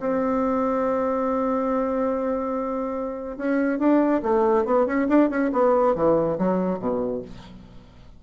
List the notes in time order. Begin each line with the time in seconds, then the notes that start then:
0.00 C4
3.38 C#4
3.79 D4
4.23 A3
4.65 B3
4.86 C#4
5.09 D4
5.30 C#4
5.53 B3
5.95 E3
6.38 F#3
6.79 B2